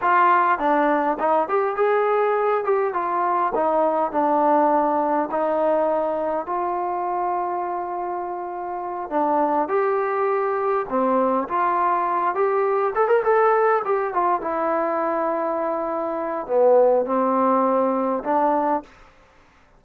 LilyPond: \new Staff \with { instrumentName = "trombone" } { \time 4/4 \tempo 4 = 102 f'4 d'4 dis'8 g'8 gis'4~ | gis'8 g'8 f'4 dis'4 d'4~ | d'4 dis'2 f'4~ | f'2.~ f'8 d'8~ |
d'8 g'2 c'4 f'8~ | f'4 g'4 a'16 ais'16 a'4 g'8 | f'8 e'2.~ e'8 | b4 c'2 d'4 | }